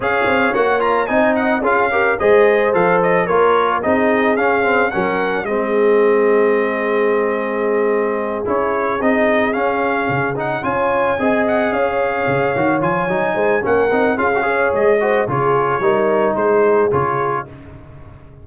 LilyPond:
<<
  \new Staff \with { instrumentName = "trumpet" } { \time 4/4 \tempo 4 = 110 f''4 fis''8 ais''8 gis''8 fis''8 f''4 | dis''4 f''8 dis''8 cis''4 dis''4 | f''4 fis''4 dis''2~ | dis''2.~ dis''8 cis''8~ |
cis''8 dis''4 f''4. fis''8 gis''8~ | gis''4 fis''8 f''2 gis''8~ | gis''4 fis''4 f''4 dis''4 | cis''2 c''4 cis''4 | }
  \new Staff \with { instrumentName = "horn" } { \time 4/4 cis''2 dis''4 gis'8 ais'8 | c''2 ais'4 gis'4~ | gis'4 ais'4 gis'2~ | gis'1~ |
gis'2.~ gis'8 cis''8~ | cis''8 dis''4 cis''2~ cis''8~ | cis''8 c''8 ais'4 gis'8 cis''4 c''8 | gis'4 ais'4 gis'2 | }
  \new Staff \with { instrumentName = "trombone" } { \time 4/4 gis'4 fis'8 f'8 dis'4 f'8 g'8 | gis'4 a'4 f'4 dis'4 | cis'8 c'8 cis'4 c'2~ | c'2.~ c'8 e'8~ |
e'8 dis'4 cis'4. dis'8 f'8~ | f'8 gis'2~ gis'8 fis'8 f'8 | dis'4 cis'8 dis'8 f'16 fis'16 gis'4 fis'8 | f'4 dis'2 f'4 | }
  \new Staff \with { instrumentName = "tuba" } { \time 4/4 cis'8 c'8 ais4 c'4 cis'4 | gis4 f4 ais4 c'4 | cis'4 fis4 gis2~ | gis2.~ gis8 cis'8~ |
cis'8 c'4 cis'4 cis4 cis'8~ | cis'8 c'4 cis'4 cis8 dis8 f8 | fis8 gis8 ais8 c'8 cis'4 gis4 | cis4 g4 gis4 cis4 | }
>>